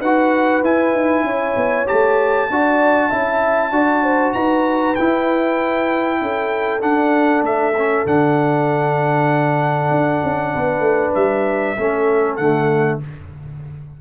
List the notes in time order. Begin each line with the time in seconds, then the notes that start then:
0.00 D#4 F#4 B4 F#5
0.63 E4 G#5
0.94 D#4
1.24 C#4 C#5
1.57 B3
1.87 A3 G4 A5
2.50 D4 F#4 D5
3.10 C#4 E4 E5
3.72 D4 F#4 D5
4.04 C5
4.34 D#4 B4 A#5
4.95 E4 G5
6.22 C#4 A4
6.81 D4 F#5
7.43 A3 E5
7.78 C#4
8.06 D3 D4 F#5
9.91 D4
10.24 C#4
10.54 B3 B4
10.80 A3
11.15 G3 E5
11.78 A3 C#4 A4
12.37 D3 A3 F#5